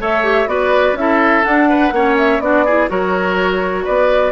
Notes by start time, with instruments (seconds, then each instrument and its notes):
0.00 bassoon A3, clarinet A4, oboe C#5, flute E5
0.24 clarinet G4
0.47 bassoon B3, clarinet F#4, oboe B4, flute D5
0.93 bassoon C#4, clarinet E4, flute E5
1.01 oboe A4
1.44 clarinet D4, bassoon D4, flute F#5
1.69 oboe B4
1.92 bassoon A#3, clarinet C#4, oboe C#5
2.18 flute E5
2.40 bassoon B3, clarinet D4, oboe F#4, flute D5
2.66 clarinet E4, oboe G#4
2.89 bassoon F#3, clarinet F#4, oboe A#4, flute C#5
3.84 bassoon B3, oboe B4, flute D5